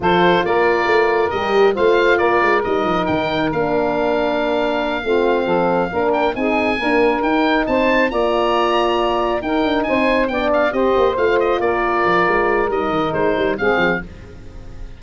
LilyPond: <<
  \new Staff \with { instrumentName = "oboe" } { \time 4/4 \tempo 4 = 137 c''4 d''2 dis''4 | f''4 d''4 dis''4 g''4 | f''1~ | f''2 g''8 gis''4.~ |
gis''8 g''4 a''4 ais''4.~ | ais''4. g''4 gis''4 g''8 | f''8 dis''4 f''8 dis''8 d''4.~ | d''4 dis''4 c''4 f''4 | }
  \new Staff \with { instrumentName = "saxophone" } { \time 4/4 a'4 ais'2. | c''4 ais'2.~ | ais'2.~ ais'8 f'8~ | f'8 a'4 ais'4 gis'4 ais'8~ |
ais'4. c''4 d''4.~ | d''4. ais'4 c''4 d''8~ | d''8 c''2 ais'4.~ | ais'2. gis'4 | }
  \new Staff \with { instrumentName = "horn" } { \time 4/4 f'2. g'4 | f'2 dis'2 | d'2.~ d'8 c'8~ | c'4. d'4 dis'4 ais8~ |
ais8 dis'2 f'4.~ | f'4. dis'2 d'8~ | d'8 g'4 f'2~ f'8~ | f'4 dis'2 c'4 | }
  \new Staff \with { instrumentName = "tuba" } { \time 4/4 f4 ais4 a4 g4 | a4 ais8 gis8 g8 f8 dis4 | ais2.~ ais8 a8~ | a8 f4 ais4 c'4 d'8~ |
d'8 dis'4 c'4 ais4.~ | ais4. dis'8 d'8 c'4 b8~ | b8 c'8 ais8 a4 ais4 f8 | gis4 g8 dis8 gis8 g8 gis8 f8 | }
>>